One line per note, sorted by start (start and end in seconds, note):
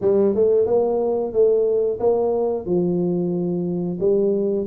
0.01 0.34 G3
0.34 0.66 A3
0.66 1.32 A#3
1.32 1.99 A3
1.99 2.65 A#3
2.65 3.98 F3
4.00 4.66 G3